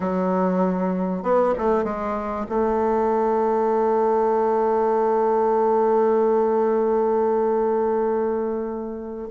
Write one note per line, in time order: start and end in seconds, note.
0.00 1.22 F#3
1.22 1.53 B3
1.58 1.84 A3
1.84 2.45 G#3
2.49 9.29 A3